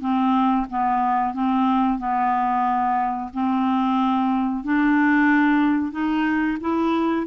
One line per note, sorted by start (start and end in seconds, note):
0.00 0.66 C4
0.70 1.33 B3
1.33 1.98 C4
1.98 3.30 B3
3.33 4.64 C4
4.64 5.92 D4
5.92 6.58 D#4
6.60 7.26 E4